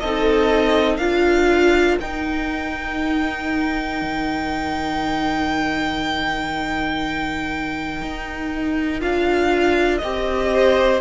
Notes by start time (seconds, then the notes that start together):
0.00 C4 D#4 A4 D#5
0.97 D4 F4 A#4 F5
2.00 D#4 G5
4.02 D#3
8.02 D#4
9.00 D4 F4 F5
9.98 C4 G4 D#5
10.54 C5